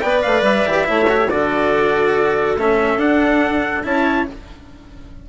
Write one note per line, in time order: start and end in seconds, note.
0.00 0.24 B3
0.00 0.66 B4
0.00 0.87 D5
0.00 0.21 G5
0.22 0.42 A3
0.22 0.43 F5
0.42 0.63 G3
0.42 1.30 E5
0.66 0.88 E3
0.66 0.84 G4
0.84 1.29 A3
0.84 1.05 E4
0.84 1.31 C#5
1.09 1.17 F#4
1.17 1.28 G4
1.29 2.56 D3
1.29 2.58 F#4
1.29 3.86 A4
1.29 2.57 D5
2.56 2.97 A3
2.56 2.99 C#4
2.56 2.99 E5
2.97 3.82 D4
2.97 3.83 D4
2.97 3.84 F#5
3.83 4.27 C#4
3.83 4.26 E4
3.83 4.29 C#5
3.83 4.28 A5